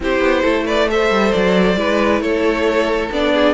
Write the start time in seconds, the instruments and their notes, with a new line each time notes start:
0.00 cello C4, viola E4, violin G4 C5
0.20 cello B3
0.42 cello A3, violin A4
0.66 violin B4 D5
0.89 viola A4, violin C5 E5
1.10 cello G3
1.32 cello F#3, violin D5
1.76 cello G#3, viola E4, violin B4
2.20 cello A3, violin A4 C#5
3.11 cello B3, viola D4, violin D5
3.33 violin G#4